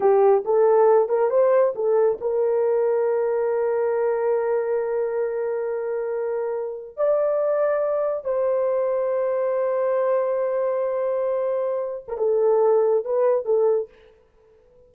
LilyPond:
\new Staff \with { instrumentName = "horn" } { \time 4/4 \tempo 4 = 138 g'4 a'4. ais'8 c''4 | a'4 ais'2.~ | ais'1~ | ais'1 |
d''2. c''4~ | c''1~ | c''2.~ c''8. ais'16 | a'2 b'4 a'4 | }